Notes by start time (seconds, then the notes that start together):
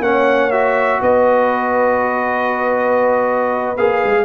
0.00 A#3 C#4 C#5 F#5
0.51 F#4 E5
1.01 B3 B4 D#5
3.77 A#3 G#4 F5
4.05 G#3